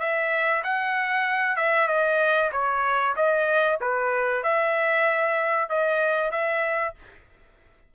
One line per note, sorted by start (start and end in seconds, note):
0.00 0.63 E5
0.64 1.57 F#5
1.57 1.88 E5
1.88 2.51 D#5
2.52 3.16 C#5
3.16 3.80 D#5
3.81 4.44 B4
4.44 5.69 E5
5.69 6.31 D#5
6.31 6.94 E5